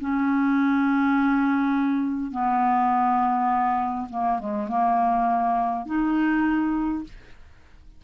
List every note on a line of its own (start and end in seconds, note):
0.00 2.31 C#4
2.31 4.07 B3
4.10 4.39 A#3
4.39 4.68 G#3
4.68 5.86 A#3
5.86 7.03 D#4